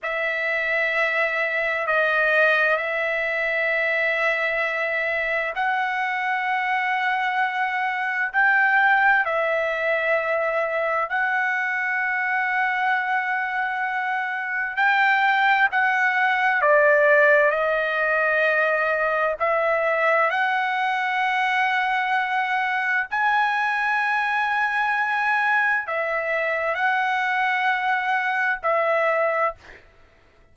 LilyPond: \new Staff \with { instrumentName = "trumpet" } { \time 4/4 \tempo 4 = 65 e''2 dis''4 e''4~ | e''2 fis''2~ | fis''4 g''4 e''2 | fis''1 |
g''4 fis''4 d''4 dis''4~ | dis''4 e''4 fis''2~ | fis''4 gis''2. | e''4 fis''2 e''4 | }